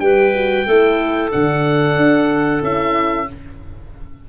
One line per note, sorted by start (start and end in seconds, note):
0.00 0.66 G3
0.00 0.33 G4
0.00 0.67 B4
0.00 1.31 G5
0.35 0.67 F#4
0.67 1.33 A3
0.67 1.31 E4
0.67 3.28 A4
1.31 1.97 D3
1.31 2.62 D4
1.31 2.63 F#5
1.97 2.62 D4
2.62 3.28 C#4
2.62 3.28 E4
2.62 3.30 E5